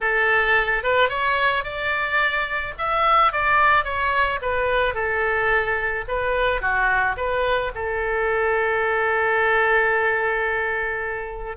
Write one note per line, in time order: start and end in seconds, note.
0.00 0.83 A4
0.83 1.09 B4
1.09 1.63 C#5
1.63 2.73 D5
2.77 3.32 E5
3.32 3.84 D5
3.84 4.39 C#5
4.41 4.94 B4
4.94 6.04 A4
6.08 6.61 B4
6.61 7.16 F#4
7.16 7.71 B4
7.74 11.56 A4